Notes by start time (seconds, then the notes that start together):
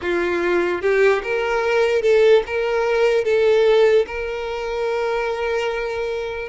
0.01 F4
0.81 G4
1.23 A#4
2.02 A4
2.46 A#4
3.24 A4
4.07 A#4